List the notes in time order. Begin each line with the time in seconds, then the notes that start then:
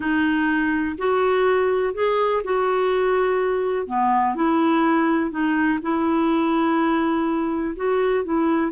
0.00 D#4
0.98 F#4
1.94 G#4
2.43 F#4
3.86 B3
4.35 E4
5.30 D#4
5.82 E4
7.76 F#4
8.24 E4